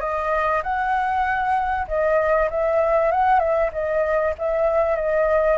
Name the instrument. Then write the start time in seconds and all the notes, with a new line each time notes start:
flute
0.00 D#5
0.62 F#5
1.87 D#5
2.50 E5
3.11 F#5
3.39 E5
3.72 D#5
4.37 E5
4.95 D#5